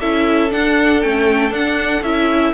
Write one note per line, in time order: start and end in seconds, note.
0.00 0.52 C#4
0.00 0.49 E4
0.00 2.54 A4
0.00 0.51 E5
0.49 1.00 D4
0.49 1.05 D4
0.49 1.01 F#5
1.01 1.51 A3
1.01 1.50 C#4
1.01 1.52 G5
1.50 2.01 D4
1.50 2.02 D4
1.50 2.03 F#5
2.02 2.53 C#4
2.02 2.54 E4
2.02 2.54 E5